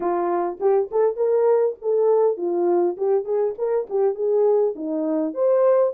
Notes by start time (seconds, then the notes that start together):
0.00 F4
0.60 G4
0.91 A4
1.16 A#4
1.81 A4
2.37 F4
2.97 G4
3.24 G#4
3.58 A#4
3.89 G4
4.14 G#4
4.75 D#4
5.33 C5